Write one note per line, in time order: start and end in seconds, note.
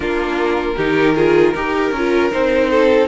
0.00 0.75 A#3
0.00 0.77 D4
0.00 0.75 F4
0.00 2.28 A#4
0.76 1.54 D#3
0.76 1.16 D#4
0.76 1.14 G4
1.15 1.54 F4
1.15 1.53 G#4
1.54 1.91 D#4
1.54 1.93 G4
1.54 2.70 A#4
1.91 2.29 C#4
1.97 2.30 F4
2.30 3.08 C4
2.30 3.07 D#4
2.30 3.08 C5
2.70 3.08 A4